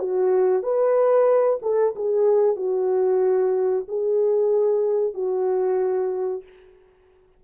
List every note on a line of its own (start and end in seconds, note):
0.00 0.63 F#4
0.63 1.60 B4
1.63 1.95 A4
1.96 2.57 G#4
2.57 3.86 F#4
3.89 5.15 G#4
5.15 6.44 F#4